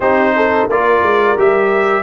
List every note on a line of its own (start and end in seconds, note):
0.00 0.66 C4
0.00 0.69 D#4
0.00 0.33 G4
0.00 0.69 C5
0.36 0.68 A4
0.68 1.02 A#3
0.68 1.37 F4
0.68 2.03 A#4
0.68 1.38 D5
1.02 1.36 G#3
1.37 2.03 G3
1.37 2.03 G4
1.37 2.03 E5